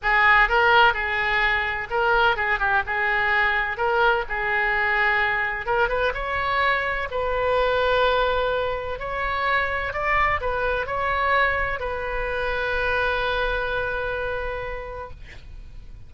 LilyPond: \new Staff \with { instrumentName = "oboe" } { \time 4/4 \tempo 4 = 127 gis'4 ais'4 gis'2 | ais'4 gis'8 g'8 gis'2 | ais'4 gis'2. | ais'8 b'8 cis''2 b'4~ |
b'2. cis''4~ | cis''4 d''4 b'4 cis''4~ | cis''4 b'2.~ | b'1 | }